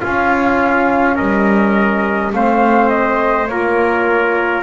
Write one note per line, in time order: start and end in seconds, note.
0.00 2.32 C#4
0.00 1.19 C#4
0.00 1.15 F4
0.00 1.16 F5
1.15 2.33 G3
1.15 2.30 A#4
1.15 2.31 D#5
2.32 3.48 A3
2.32 3.47 C4
2.32 3.50 C5
2.32 2.88 F5
2.88 3.46 D#5
3.46 4.62 A#3
3.46 4.62 F4
3.46 4.62 A#4
3.46 4.62 C#5